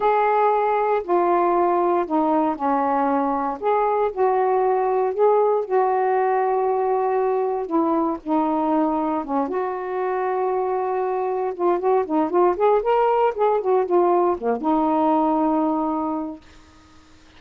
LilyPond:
\new Staff \with { instrumentName = "saxophone" } { \time 4/4 \tempo 4 = 117 gis'2 f'2 | dis'4 cis'2 gis'4 | fis'2 gis'4 fis'4~ | fis'2. e'4 |
dis'2 cis'8 fis'4.~ | fis'2~ fis'8 f'8 fis'8 dis'8 | f'8 gis'8 ais'4 gis'8 fis'8 f'4 | ais8 dis'2.~ dis'8 | }